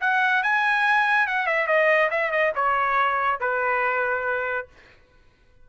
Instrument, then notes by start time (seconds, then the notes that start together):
trumpet
0.00 F#5
0.43 G#5
1.27 F#5
1.46 E5
1.67 D#5
2.10 E5
2.31 D#5
2.55 C#5
3.40 B4